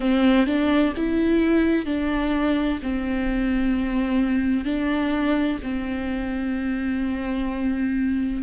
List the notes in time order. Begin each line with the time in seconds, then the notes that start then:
0.00 C4
0.46 D4
0.96 E4
1.85 D4
2.82 C4
4.64 D4
5.62 C4